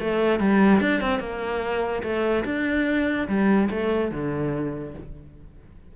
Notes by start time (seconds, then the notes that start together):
0.00 A3
0.39 G3
0.80 D4
1.01 C4
1.20 A#3
2.03 A3
2.45 D4
3.28 G3
3.70 A3
4.11 D3